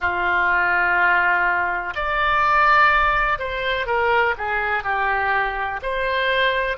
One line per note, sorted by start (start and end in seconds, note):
0.00 1.94 F4
1.95 3.38 D5
3.38 3.86 C5
3.86 4.35 A#4
4.37 4.83 G#4
4.83 5.80 G4
5.82 6.77 C5